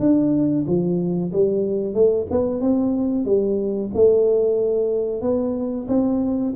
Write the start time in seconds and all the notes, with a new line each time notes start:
0.00 D4
0.67 F3
1.33 G3
1.94 A3
2.31 B3
2.61 C4
3.25 G3
3.94 A3
5.22 B3
5.88 C4